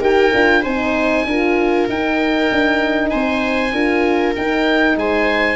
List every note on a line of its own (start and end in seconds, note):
0.00 0.31 D#4
0.00 0.32 G4
0.00 0.62 A#4
0.00 0.64 G5
0.34 0.64 D4
0.34 0.64 F4
0.62 1.25 C4
0.62 1.29 D#4
0.62 1.24 C5
0.62 1.88 G#5
1.25 1.87 D4
1.25 1.91 F4
1.25 3.11 A#4
1.88 2.50 D#4
1.88 3.73 D#4
1.88 3.10 G5
2.51 3.13 D4
3.10 3.72 C4
3.10 3.73 C5
3.10 4.33 G#5
3.72 4.34 D4
3.72 4.35 F4
3.72 4.97 A#4
4.35 5.56 D#4
4.35 4.96 D#4
4.35 4.98 G5
4.96 5.56 G#3
4.96 5.56 C5
4.96 5.56 G#5